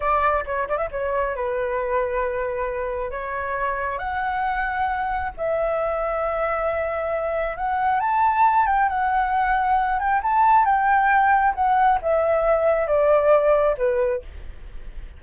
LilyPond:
\new Staff \with { instrumentName = "flute" } { \time 4/4 \tempo 4 = 135 d''4 cis''8 d''16 e''16 cis''4 b'4~ | b'2. cis''4~ | cis''4 fis''2. | e''1~ |
e''4 fis''4 a''4. g''8 | fis''2~ fis''8 g''8 a''4 | g''2 fis''4 e''4~ | e''4 d''2 b'4 | }